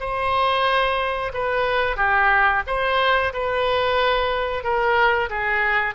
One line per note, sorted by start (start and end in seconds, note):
0.00 1.32 C5
1.34 1.97 B4
1.97 2.63 G4
2.67 3.33 C5
3.33 4.63 B4
4.63 5.29 A#4
5.30 5.95 G#4